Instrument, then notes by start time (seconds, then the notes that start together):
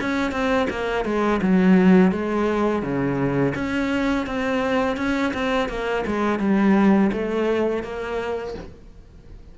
cello
0.00 C#4
0.31 C4
0.70 A#3
1.04 G#3
1.42 F#3
2.11 G#3
2.82 C#3
3.55 C#4
4.26 C4
4.97 C#4
5.33 C4
5.69 A#3
6.06 G#3
6.39 G3
7.12 A3
7.83 A#3